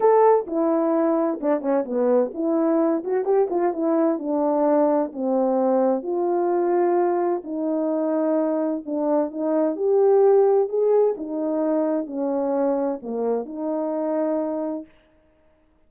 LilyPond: \new Staff \with { instrumentName = "horn" } { \time 4/4 \tempo 4 = 129 a'4 e'2 d'8 cis'8 | b4 e'4. fis'8 g'8 f'8 | e'4 d'2 c'4~ | c'4 f'2. |
dis'2. d'4 | dis'4 g'2 gis'4 | dis'2 cis'2 | ais4 dis'2. | }